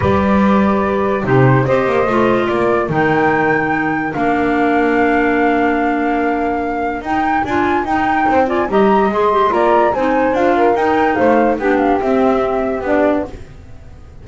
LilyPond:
<<
  \new Staff \with { instrumentName = "flute" } { \time 4/4 \tempo 4 = 145 d''2. c''4 | dis''2 d''4 g''4~ | g''2 f''2~ | f''1~ |
f''4 g''4 gis''4 g''4~ | g''8 gis''8 ais''4 c'''4 ais''4 | gis''4 f''4 g''4 f''4 | g''8 f''8 e''2 d''4 | }
  \new Staff \with { instrumentName = "saxophone" } { \time 4/4 b'2. g'4 | c''2 ais'2~ | ais'1~ | ais'1~ |
ais'1 | c''8 d''8 dis''2 d''4 | c''4. ais'4. c''4 | g'1 | }
  \new Staff \with { instrumentName = "clarinet" } { \time 4/4 g'2. dis'4 | g'4 f'2 dis'4~ | dis'2 d'2~ | d'1~ |
d'4 dis'4 f'4 dis'4~ | dis'8 f'8 g'4 gis'8 g'8 f'4 | dis'4 f'4 dis'2 | d'4 c'2 d'4 | }
  \new Staff \with { instrumentName = "double bass" } { \time 4/4 g2. c4 | c'8 ais8 a4 ais4 dis4~ | dis2 ais2~ | ais1~ |
ais4 dis'4 d'4 dis'4 | c'4 g4 gis4 ais4 | c'4 d'4 dis'4 a4 | b4 c'2 b4 | }
>>